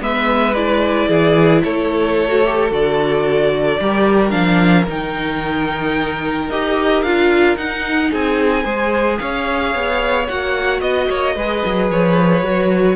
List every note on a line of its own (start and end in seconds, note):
0.00 1.09 G#3
0.00 0.54 B3
0.00 1.09 B4
0.00 0.54 E5
0.54 2.28 E4
0.54 1.62 D5
1.09 1.63 E3
1.09 1.63 G#4
1.63 2.71 A3
1.63 3.80 A4
1.63 2.71 C#5
2.28 2.42 F#4
2.45 2.70 G4
2.70 3.79 D3
2.70 3.78 F#4
2.70 4.31 D5
3.80 4.33 G3
3.80 4.30 G4
3.80 8.10 A#4
4.30 4.87 F3
4.30 4.84 D4
4.30 4.85 F5
4.87 6.50 D#3
4.87 6.51 D#4
4.87 6.50 G5
6.50 7.02 D#4
6.50 7.05 G4
6.50 7.02 D#5
7.02 7.57 D4
7.02 7.56 F4
7.02 7.56 F5
7.56 8.64 D#4
7.56 8.11 D#4
7.56 8.11 F#5
8.10 8.65 C4
8.10 8.64 G#4
8.10 9.19 G#5
8.64 9.19 G#3
8.64 10.27 G#4
8.64 9.18 C5
9.19 9.75 C#4
9.19 10.81 C#5
9.19 10.27 F5
9.75 10.29 B3
10.28 10.81 A#3
10.28 11.37 F#4
10.28 10.81 F#5
10.81 11.08 B3
10.81 11.89 D#5
10.81 11.08 D#5
11.10 11.36 A#3
11.10 11.35 C#5
11.35 11.63 G#3
11.35 12.44 G#4
11.35 12.96 B4
11.65 11.91 F#3
11.91 12.43 F3
11.91 12.96 C#5
12.43 12.96 F#3
12.43 12.96 F#4